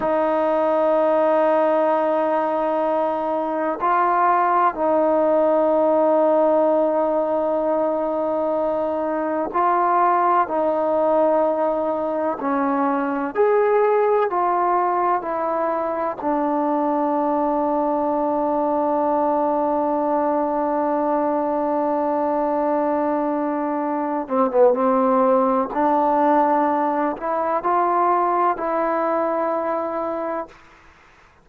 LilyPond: \new Staff \with { instrumentName = "trombone" } { \time 4/4 \tempo 4 = 63 dis'1 | f'4 dis'2.~ | dis'2 f'4 dis'4~ | dis'4 cis'4 gis'4 f'4 |
e'4 d'2.~ | d'1~ | d'4. c'16 b16 c'4 d'4~ | d'8 e'8 f'4 e'2 | }